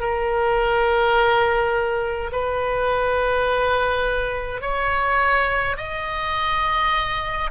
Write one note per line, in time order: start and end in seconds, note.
0.00 2.31 A#4
2.32 4.61 B4
4.61 5.76 C#5
5.77 7.50 D#5